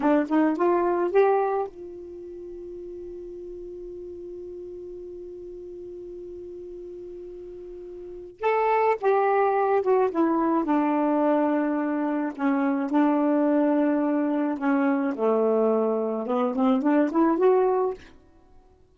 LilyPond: \new Staff \with { instrumentName = "saxophone" } { \time 4/4 \tempo 4 = 107 d'8 dis'8 f'4 g'4 f'4~ | f'1~ | f'1~ | f'2. a'4 |
g'4. fis'8 e'4 d'4~ | d'2 cis'4 d'4~ | d'2 cis'4 a4~ | a4 b8 c'8 d'8 e'8 fis'4 | }